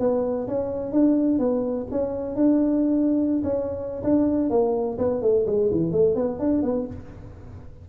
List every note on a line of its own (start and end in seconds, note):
0.00 0.48 B3
0.48 0.92 C#4
0.92 1.39 D4
1.39 1.87 B3
1.92 2.36 C#4
2.36 3.43 D4
3.44 4.03 C#4
4.04 4.50 D4
4.50 4.98 A#3
4.98 5.22 B3
5.22 5.46 A3
5.47 5.71 G#3
5.71 5.92 E3
5.92 6.16 A3
6.16 6.40 B3
6.40 6.63 D4
6.63 6.87 B3